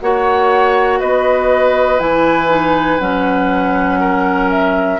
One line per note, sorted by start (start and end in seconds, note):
0.00 1.01 A#3
0.00 1.99 F#4
0.00 1.00 C#5
0.00 0.99 F#5
0.99 2.00 B3
0.99 4.00 B4
0.99 1.99 D#5
1.99 2.99 E3
1.99 2.49 E4
1.99 3.00 G#5
2.49 2.99 D#4
2.99 4.99 F#3
2.99 4.99 C#4
2.99 4.50 F#5
4.00 5.00 A#4
4.50 5.00 E5